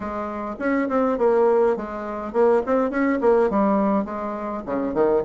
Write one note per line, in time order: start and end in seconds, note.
0.00 0.55 G#3
0.59 0.88 C#4
0.88 1.18 C4
1.18 1.76 A#3
1.76 2.32 G#3
2.32 2.62 A#3
2.66 2.90 C4
2.90 3.19 C#4
3.20 3.50 A#3
3.50 4.04 G3
4.04 4.63 G#3
4.66 4.94 C#3
4.94 5.23 D#3